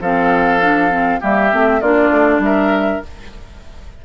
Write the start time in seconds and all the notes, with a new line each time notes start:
0.00 F3 C4 A4 F5
0.61 D4
0.90 C4
1.20 G3 A#3 G4 E5
1.51 A3 C4
1.80 A#3 D4 F4 D5
2.10 A3
2.39 G3 E5
2.45 A#4